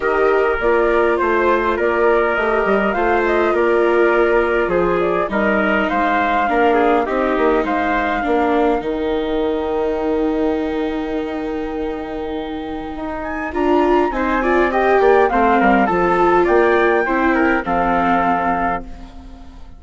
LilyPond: <<
  \new Staff \with { instrumentName = "flute" } { \time 4/4 \tempo 4 = 102 dis''4 d''4 c''4 d''4 | dis''4 f''8 dis''8 d''2 | c''8 d''8 dis''4 f''2 | dis''4 f''2 g''4~ |
g''1~ | g''2~ g''8 gis''8 ais''4 | gis''4 g''4 f''4 a''4 | g''2 f''2 | }
  \new Staff \with { instrumentName = "trumpet" } { \time 4/4 ais'2 c''4 ais'4~ | ais'4 c''4 ais'2 | gis'4 ais'4 c''4 ais'8 gis'8 | g'4 c''4 ais'2~ |
ais'1~ | ais'1 | c''8 d''8 dis''8 d''8 c''8 ais'8 a'4 | d''4 c''8 ais'8 a'2 | }
  \new Staff \with { instrumentName = "viola" } { \time 4/4 g'4 f'2. | g'4 f'2.~ | f'4 dis'2 d'4 | dis'2 d'4 dis'4~ |
dis'1~ | dis'2. f'4 | dis'8 f'8 g'4 c'4 f'4~ | f'4 e'4 c'2 | }
  \new Staff \with { instrumentName = "bassoon" } { \time 4/4 dis4 ais4 a4 ais4 | a8 g8 a4 ais2 | f4 g4 gis4 ais4 | c'8 ais8 gis4 ais4 dis4~ |
dis1~ | dis2 dis'4 d'4 | c'4. ais8 a8 g8 f4 | ais4 c'4 f2 | }
>>